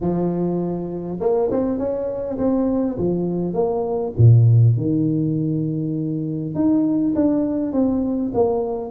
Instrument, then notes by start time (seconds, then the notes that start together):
tuba
0.01 F3
1.20 A#3
1.51 C4
1.78 C#4
2.38 C4
2.98 F3
3.53 A#3
4.17 A#2
4.77 D#3
6.54 D#4
7.14 D4
7.72 C4
8.33 A#3